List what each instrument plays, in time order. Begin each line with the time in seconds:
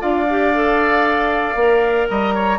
0.00 bassoon D4, clarinet F4, oboe D5, flute F5
0.30 clarinet G4
0.55 clarinet A4
1.55 bassoon A#3, clarinet A#4
2.09 bassoon G3, oboe D#5, flute A#5
2.35 oboe C#5